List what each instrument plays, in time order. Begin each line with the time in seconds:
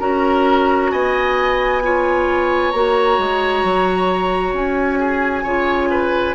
0.00 bassoon C#4, clarinet F#4, oboe A#4, flute A#5
0.91 bassoon B3, oboe D#5, flute G#5
1.83 clarinet F4, oboe C#5
2.72 bassoon A#3, clarinet F#4, flute A#5
3.19 bassoon G#3
3.64 bassoon F#3
4.53 bassoon C#4, flute G#5
5.00 oboe G#4
5.44 bassoon C#3, clarinet F4, oboe C#5
5.91 oboe B4